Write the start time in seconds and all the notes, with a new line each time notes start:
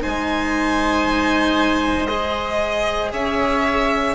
0.00 G#3 D#4 C5 G#5
2.06 G#4 D#5
3.12 C#4 C#5 E5